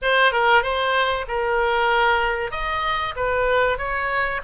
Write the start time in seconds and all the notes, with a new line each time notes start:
0.01 C5
0.32 A#4
0.62 C5
1.28 A#4
2.51 D#5
3.16 B4
3.78 C#5